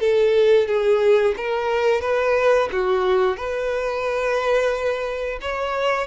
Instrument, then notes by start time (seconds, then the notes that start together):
violin
0.00 A4
0.67 G#4
1.36 A#4
2.01 B4
2.72 F#4
3.37 B4
5.41 C#5